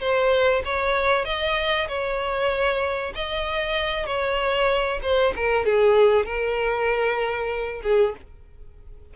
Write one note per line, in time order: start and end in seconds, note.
0.00 0.62 C5
0.64 1.25 C#5
1.25 1.87 D#5
1.88 3.13 C#5
3.15 4.06 D#5
4.06 4.99 C#5
5.02 5.33 C5
5.36 5.65 A#4
5.65 6.25 G#4
6.25 7.82 A#4
7.82 8.14 G#4